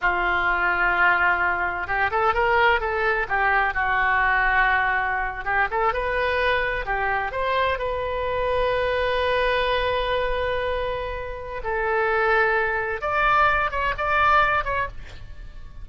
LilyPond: \new Staff \with { instrumentName = "oboe" } { \time 4/4 \tempo 4 = 129 f'1 | g'8 a'8 ais'4 a'4 g'4 | fis'2.~ fis'8. g'16~ | g'16 a'8 b'2 g'4 c''16~ |
c''8. b'2.~ b'16~ | b'1~ | b'4 a'2. | d''4. cis''8 d''4. cis''8 | }